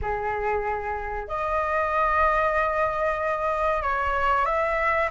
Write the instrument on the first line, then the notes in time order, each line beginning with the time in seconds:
flute
0.01 G#4
1.27 D#5
3.82 C#5
4.45 E5